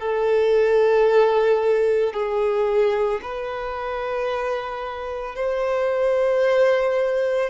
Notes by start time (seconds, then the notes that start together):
0.00 A4
2.14 G#4
3.22 B4
5.36 C5